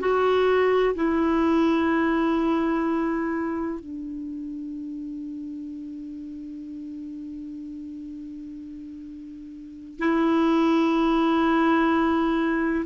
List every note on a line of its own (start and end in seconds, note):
0.00 0.95 F#4
0.95 3.80 E4
3.80 9.99 D4
9.99 12.85 E4